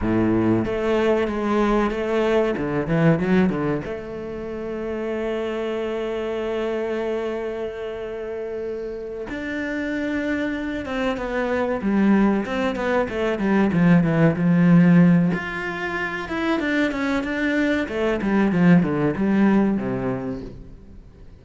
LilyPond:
\new Staff \with { instrumentName = "cello" } { \time 4/4 \tempo 4 = 94 a,4 a4 gis4 a4 | d8 e8 fis8 d8 a2~ | a1~ | a2~ a8 d'4.~ |
d'4 c'8 b4 g4 c'8 | b8 a8 g8 f8 e8 f4. | f'4. e'8 d'8 cis'8 d'4 | a8 g8 f8 d8 g4 c4 | }